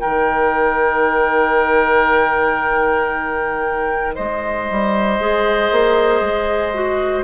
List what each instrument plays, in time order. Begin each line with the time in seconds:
0.00 bassoon D#3, clarinet D#4, oboe A#4, flute G5
4.15 bassoon G#3, oboe C5, flute D#5
4.70 bassoon G3
5.19 bassoon G#3, clarinet G#4
5.72 bassoon A#3
6.21 bassoon G#3
6.74 clarinet F#4